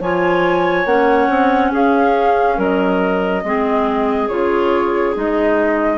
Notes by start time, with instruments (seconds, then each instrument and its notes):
0.00 bassoon F3, clarinet F4 C#5, flute G#5
0.85 bassoon A#3, clarinet C#4, flute F#5
1.29 bassoon C4
1.72 bassoon C#4, clarinet G#4, flute F5
2.56 bassoon F#3, clarinet A#4, flute D#5
3.43 bassoon G#3, clarinet C4 G#4
4.29 bassoon C#3, clarinet F4, flute C#5
5.15 bassoon G#3, clarinet D#4, flute D#5